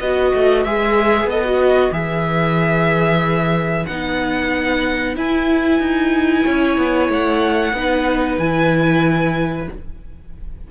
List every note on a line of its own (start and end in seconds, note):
0.00 0.33 B3
0.00 0.67 F#4
0.00 6.44 B4
0.00 0.64 D#5
0.34 0.66 A3
0.64 1.25 G#3
0.64 1.31 G#4
0.64 1.29 E5
1.25 1.90 B3
1.25 1.94 D#5
1.31 1.44 A4
1.44 1.92 F#4
1.92 3.86 E3
1.92 3.86 G#4
1.92 3.86 E5
3.86 5.17 B3
3.86 5.16 D#4
3.86 5.15 F#5
5.16 7.74 E4
5.16 5.80 E4
5.16 7.12 G#5
5.80 6.44 D#4
6.44 6.78 C#4
6.44 7.73 C#5
6.78 7.10 B3
7.10 7.73 A3
7.10 8.39 F#5
7.73 8.38 B3
7.73 8.41 D#4
7.73 9.71 B4
8.39 9.68 E3
8.39 9.70 E4
8.39 9.68 G#5